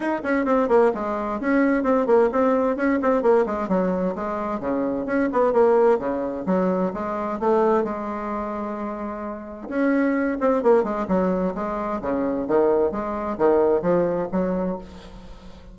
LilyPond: \new Staff \with { instrumentName = "bassoon" } { \time 4/4 \tempo 4 = 130 dis'8 cis'8 c'8 ais8 gis4 cis'4 | c'8 ais8 c'4 cis'8 c'8 ais8 gis8 | fis4 gis4 cis4 cis'8 b8 | ais4 cis4 fis4 gis4 |
a4 gis2.~ | gis4 cis'4. c'8 ais8 gis8 | fis4 gis4 cis4 dis4 | gis4 dis4 f4 fis4 | }